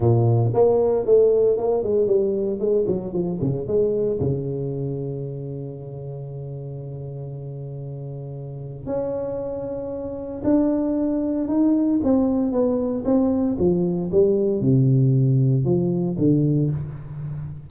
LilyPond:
\new Staff \with { instrumentName = "tuba" } { \time 4/4 \tempo 4 = 115 ais,4 ais4 a4 ais8 gis8 | g4 gis8 fis8 f8 cis8 gis4 | cis1~ | cis1~ |
cis4 cis'2. | d'2 dis'4 c'4 | b4 c'4 f4 g4 | c2 f4 d4 | }